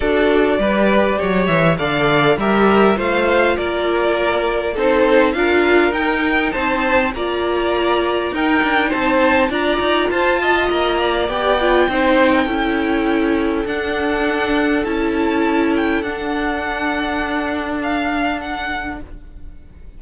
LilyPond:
<<
  \new Staff \with { instrumentName = "violin" } { \time 4/4 \tempo 4 = 101 d''2~ d''8 e''8 f''4 | e''4 f''4 d''2 | c''4 f''4 g''4 a''4 | ais''2 g''4 a''4 |
ais''4 a''4 ais''4 g''4~ | g''2. fis''4~ | fis''4 a''4. g''8 fis''4~ | fis''2 f''4 fis''4 | }
  \new Staff \with { instrumentName = "violin" } { \time 4/4 a'4 b'4 cis''4 d''4 | ais'4 c''4 ais'2 | a'4 ais'2 c''4 | d''2 ais'4 c''4 |
d''4 c''8 dis''4 d''4. | c''8. ais'16 a'2.~ | a'1~ | a'1 | }
  \new Staff \with { instrumentName = "viola" } { \time 4/4 fis'4 g'2 a'4 | g'4 f'2. | dis'4 f'4 dis'2 | f'2 dis'2 |
f'2. g'8 f'8 | dis'4 e'2 d'4~ | d'4 e'2 d'4~ | d'1 | }
  \new Staff \with { instrumentName = "cello" } { \time 4/4 d'4 g4 fis8 e8 d4 | g4 a4 ais2 | c'4 d'4 dis'4 c'4 | ais2 dis'8 d'8 c'4 |
d'8 dis'8 f'4 ais4 b4 | c'4 cis'2 d'4~ | d'4 cis'2 d'4~ | d'1 | }
>>